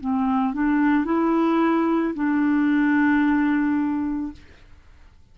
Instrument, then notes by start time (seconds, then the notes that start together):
clarinet
0.00 C4
0.54 D4
1.05 E4
2.14 D4